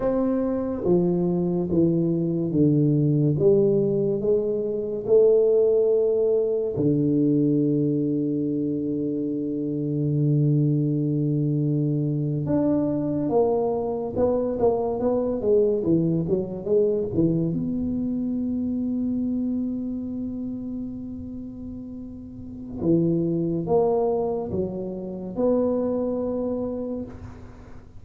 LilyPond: \new Staff \with { instrumentName = "tuba" } { \time 4/4 \tempo 4 = 71 c'4 f4 e4 d4 | g4 gis4 a2 | d1~ | d2~ d8. d'4 ais16~ |
ais8. b8 ais8 b8 gis8 e8 fis8 gis16~ | gis16 e8 b2.~ b16~ | b2. e4 | ais4 fis4 b2 | }